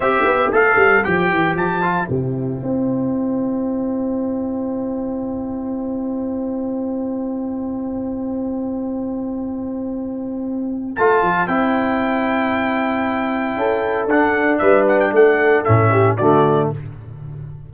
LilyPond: <<
  \new Staff \with { instrumentName = "trumpet" } { \time 4/4 \tempo 4 = 115 e''4 f''4 g''4 a''4 | g''1~ | g''1~ | g''1~ |
g''1~ | g''4 a''4 g''2~ | g''2. fis''4 | e''8 fis''16 g''16 fis''4 e''4 d''4 | }
  \new Staff \with { instrumentName = "horn" } { \time 4/4 c''1~ | c''1~ | c''1~ | c''1~ |
c''1~ | c''1~ | c''2 a'2 | b'4 a'4. g'8 fis'4 | }
  \new Staff \with { instrumentName = "trombone" } { \time 4/4 g'4 a'4 g'4. f'8 | e'1~ | e'1~ | e'1~ |
e'1~ | e'4 f'4 e'2~ | e'2. d'4~ | d'2 cis'4 a4 | }
  \new Staff \with { instrumentName = "tuba" } { \time 4/4 c'8 b8 a8 g8 f8 e8 f4 | c4 c'2.~ | c'1~ | c'1~ |
c'1~ | c'4 a8 f8 c'2~ | c'2 cis'4 d'4 | g4 a4 a,4 d4 | }
>>